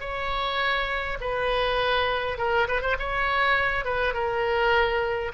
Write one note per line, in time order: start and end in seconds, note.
0.00 1.18 C#5
1.20 2.38 B4
2.38 2.67 A#4
2.67 2.81 B4
2.81 2.96 C5
2.99 3.84 C#5
3.84 4.14 B4
4.14 5.31 A#4